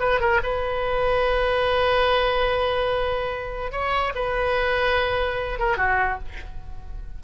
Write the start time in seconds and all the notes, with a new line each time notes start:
0.00 B4
0.20 A#4
0.43 B4
3.72 C#5
4.15 B4
5.59 A#4
5.77 F#4